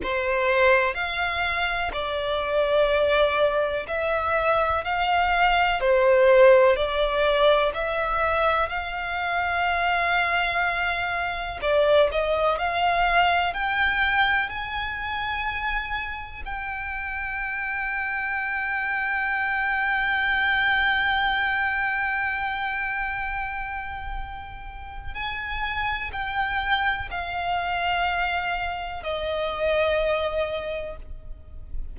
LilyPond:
\new Staff \with { instrumentName = "violin" } { \time 4/4 \tempo 4 = 62 c''4 f''4 d''2 | e''4 f''4 c''4 d''4 | e''4 f''2. | d''8 dis''8 f''4 g''4 gis''4~ |
gis''4 g''2.~ | g''1~ | g''2 gis''4 g''4 | f''2 dis''2 | }